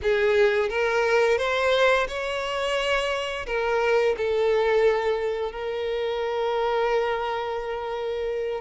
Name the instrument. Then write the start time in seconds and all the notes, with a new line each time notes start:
violin
0.02 G#4
0.69 A#4
1.38 C5
2.08 C#5
3.46 A#4
4.17 A4
5.52 A#4